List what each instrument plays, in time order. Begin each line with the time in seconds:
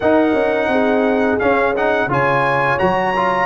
0.00 tuba D#4, trombone D#4, horn A#4, trumpet F#5
0.33 tuba C#4
0.67 tuba C4, horn G#4
1.39 trombone C#4, tuba C#4, trumpet F5
1.75 trombone D#4, trumpet F#5
2.07 tuba C#3, trombone F4, horn C#5, trumpet G#5
2.78 tuba F#3, trombone F#4, trumpet A#5
3.16 trombone F4